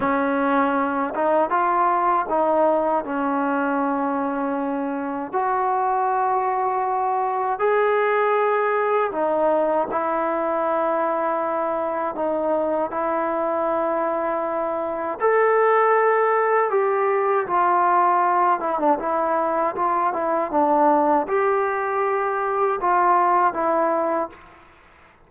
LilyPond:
\new Staff \with { instrumentName = "trombone" } { \time 4/4 \tempo 4 = 79 cis'4. dis'8 f'4 dis'4 | cis'2. fis'4~ | fis'2 gis'2 | dis'4 e'2. |
dis'4 e'2. | a'2 g'4 f'4~ | f'8 e'16 d'16 e'4 f'8 e'8 d'4 | g'2 f'4 e'4 | }